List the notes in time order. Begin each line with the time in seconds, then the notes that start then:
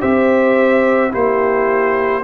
0.00 C4 G4 C5 E5
1.10 A#3 E4 G4 C5